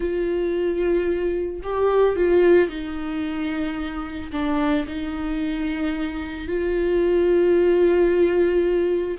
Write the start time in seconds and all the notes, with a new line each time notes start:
0.00 F4
1.63 G4
2.16 F4
2.69 D#4
4.32 D4
4.87 D#4
6.47 F4